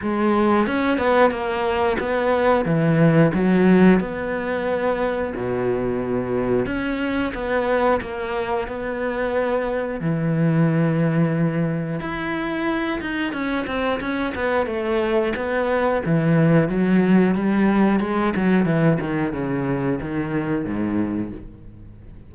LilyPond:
\new Staff \with { instrumentName = "cello" } { \time 4/4 \tempo 4 = 90 gis4 cis'8 b8 ais4 b4 | e4 fis4 b2 | b,2 cis'4 b4 | ais4 b2 e4~ |
e2 e'4. dis'8 | cis'8 c'8 cis'8 b8 a4 b4 | e4 fis4 g4 gis8 fis8 | e8 dis8 cis4 dis4 gis,4 | }